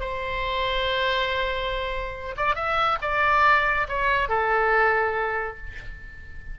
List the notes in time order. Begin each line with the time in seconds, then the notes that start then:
0.00 C5
2.37 D5
2.55 E5
3.02 D5
3.88 C#5
4.29 A4